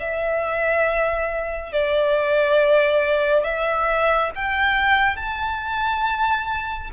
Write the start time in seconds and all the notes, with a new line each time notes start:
0.00 E5
1.73 D5
3.45 E5
4.36 G5
5.17 A5